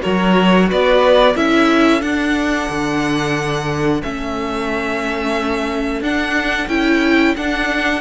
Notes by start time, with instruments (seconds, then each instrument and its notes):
0.00 cello F#3, viola F#4, violin A#4 C#5
0.69 cello B3, violin B4 D5
1.35 cello C#4, viola E4, violin A4 E5
2.00 viola D4, cello D4, violin F#5
2.69 cello D3
4.02 cello A3, viola C#4, violin E5
6.01 cello D4, viola D4, violin F#5
6.67 cello C#4, viola E4, violin G5
7.36 viola D4, cello D4, violin F#5